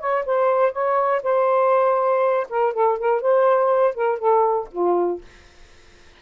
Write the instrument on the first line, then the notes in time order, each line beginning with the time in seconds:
saxophone
0.00 C#5
0.26 C5
0.72 C#5
1.23 C5
2.50 A#4
2.74 A4
2.99 A#4
3.22 C5
3.95 A#4
4.19 A4
4.72 F4